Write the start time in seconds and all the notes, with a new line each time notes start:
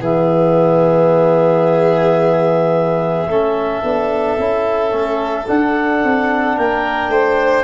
0.00 E3 B3 G#4 E5
3.28 A3 C#4 A4
3.83 B3 D4
4.38 C#4 E4
4.91 A3 C#4
5.47 D4 F#5
6.04 C4
6.56 A#3 A#4 G5
7.09 A3 C5